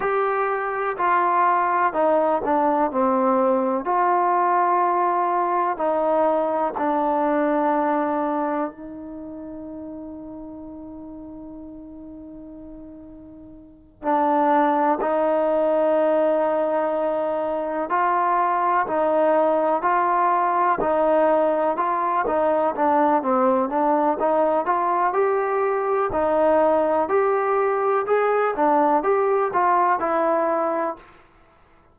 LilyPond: \new Staff \with { instrumentName = "trombone" } { \time 4/4 \tempo 4 = 62 g'4 f'4 dis'8 d'8 c'4 | f'2 dis'4 d'4~ | d'4 dis'2.~ | dis'2~ dis'8 d'4 dis'8~ |
dis'2~ dis'8 f'4 dis'8~ | dis'8 f'4 dis'4 f'8 dis'8 d'8 | c'8 d'8 dis'8 f'8 g'4 dis'4 | g'4 gis'8 d'8 g'8 f'8 e'4 | }